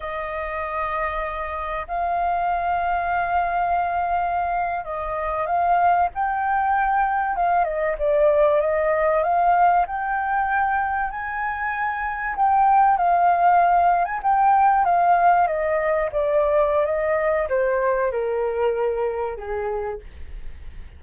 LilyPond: \new Staff \with { instrumentName = "flute" } { \time 4/4 \tempo 4 = 96 dis''2. f''4~ | f''2.~ f''8. dis''16~ | dis''8. f''4 g''2 f''16~ | f''16 dis''8 d''4 dis''4 f''4 g''16~ |
g''4.~ g''16 gis''2 g''16~ | g''8. f''4.~ f''16 gis''16 g''4 f''16~ | f''8. dis''4 d''4~ d''16 dis''4 | c''4 ais'2 gis'4 | }